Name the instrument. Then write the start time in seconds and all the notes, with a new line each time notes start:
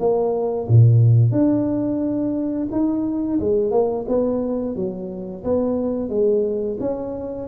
tuba
0.00 A#3
0.68 A#2
1.32 D4
2.72 D#4
3.40 G#3
3.72 A#3
4.08 B3
4.76 F#3
5.45 B3
6.10 G#3
6.80 C#4